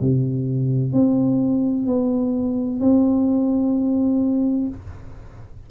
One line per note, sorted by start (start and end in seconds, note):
0.00 0.93 C3
0.93 1.87 C4
1.87 2.80 B3
2.80 4.68 C4